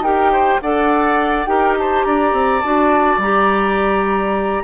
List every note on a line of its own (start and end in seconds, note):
0.00 0.58 D#4
0.00 0.62 G4
0.00 0.31 A#4
0.00 0.60 G5
0.31 0.60 C5
0.61 1.47 D4
0.61 1.47 A4
0.61 1.49 D5
0.61 1.45 F#5
1.45 2.04 D#4
1.45 2.62 G4
1.45 1.78 A#4
1.45 1.74 G5
1.78 2.06 C5
1.78 2.04 A5
2.04 2.32 D4
2.04 4.64 D5
2.04 2.61 A#5
2.32 2.61 C4
2.61 3.18 D4
2.61 3.21 F#4
2.61 3.19 A5
3.18 4.62 G3
3.18 4.64 G4
3.18 4.64 A#5